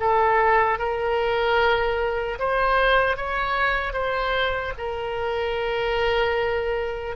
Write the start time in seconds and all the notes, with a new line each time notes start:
0.00 A4
0.79 A#4
2.40 C5
3.17 C#5
3.93 C5
4.78 A#4